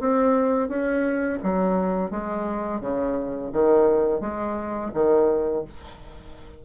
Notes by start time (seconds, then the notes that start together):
0.00 C4
0.69 C#4
1.43 F#3
2.11 G#3
2.81 C#3
3.53 D#3
4.21 G#3
4.94 D#3